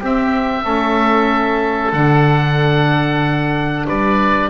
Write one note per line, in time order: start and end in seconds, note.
0.00 0.64 C4
0.00 0.65 C4
0.00 0.64 G4
0.00 1.93 E5
0.64 1.93 A3
0.64 1.93 C#4
0.64 3.87 A4
1.93 3.86 D3
1.93 4.50 D4
1.93 3.87 F#5
3.87 4.50 G3
3.87 4.50 B4
3.87 4.50 D5